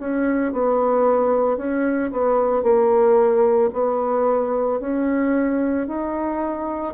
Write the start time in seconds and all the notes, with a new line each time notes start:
0.00 C#4
0.53 B3
1.57 C#4
2.12 B3
2.63 A#3
3.73 B3
4.80 C#4
5.87 D#4